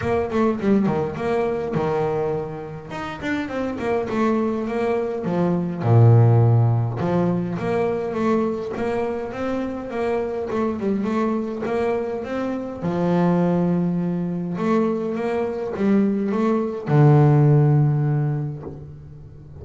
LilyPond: \new Staff \with { instrumentName = "double bass" } { \time 4/4 \tempo 4 = 103 ais8 a8 g8 dis8 ais4 dis4~ | dis4 dis'8 d'8 c'8 ais8 a4 | ais4 f4 ais,2 | f4 ais4 a4 ais4 |
c'4 ais4 a8 g8 a4 | ais4 c'4 f2~ | f4 a4 ais4 g4 | a4 d2. | }